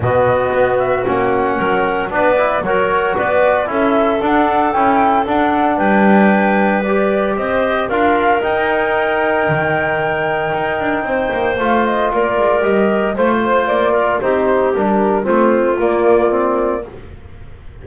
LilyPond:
<<
  \new Staff \with { instrumentName = "flute" } { \time 4/4 \tempo 4 = 114 dis''4. e''8 fis''2 | d''4 cis''4 d''4 e''4 | fis''4 g''4 fis''4 g''4~ | g''4 d''4 dis''4 f''4 |
g''1~ | g''2 f''8 dis''8 d''4 | dis''4 c''4 d''4 c''4 | ais'4 c''4 d''2 | }
  \new Staff \with { instrumentName = "clarinet" } { \time 4/4 fis'2. ais'4 | b'4 ais'4 b'4 a'4~ | a'2. b'4~ | b'2 c''4 ais'4~ |
ais'1~ | ais'4 c''2 ais'4~ | ais'4 c''4. ais'8 g'4~ | g'4 f'2. | }
  \new Staff \with { instrumentName = "trombone" } { \time 4/4 b2 cis'2 | d'8 e'8 fis'2 e'4 | d'4 e'4 d'2~ | d'4 g'2 f'4 |
dis'1~ | dis'2 f'2 | g'4 f'2 dis'4 | d'4 c'4 ais4 c'4 | }
  \new Staff \with { instrumentName = "double bass" } { \time 4/4 b,4 b4 ais4 fis4 | b4 fis4 b4 cis'4 | d'4 cis'4 d'4 g4~ | g2 c'4 d'4 |
dis'2 dis2 | dis'8 d'8 c'8 ais8 a4 ais8 gis8 | g4 a4 ais4 c'4 | g4 a4 ais2 | }
>>